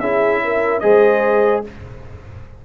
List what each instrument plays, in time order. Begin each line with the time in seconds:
0.00 tuba C#4, trombone E4, horn G#4, trumpet E5
0.44 horn A#4
0.80 tuba G#3, trombone G#4, horn C5, trumpet D#5